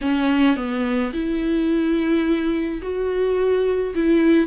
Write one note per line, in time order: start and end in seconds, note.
0.01 0.56 C#4
0.56 1.12 B3
1.13 2.81 E4
2.82 3.94 F#4
3.94 4.47 E4